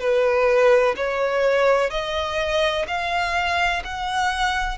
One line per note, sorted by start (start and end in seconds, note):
0.00 0.95 B4
0.97 1.91 C#5
1.91 2.86 D#5
2.87 3.83 F5
3.84 4.78 F#5